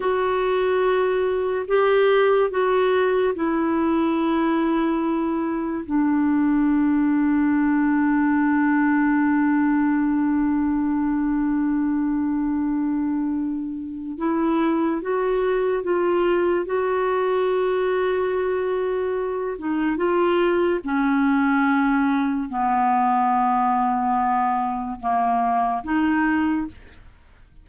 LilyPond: \new Staff \with { instrumentName = "clarinet" } { \time 4/4 \tempo 4 = 72 fis'2 g'4 fis'4 | e'2. d'4~ | d'1~ | d'1~ |
d'4 e'4 fis'4 f'4 | fis'2.~ fis'8 dis'8 | f'4 cis'2 b4~ | b2 ais4 dis'4 | }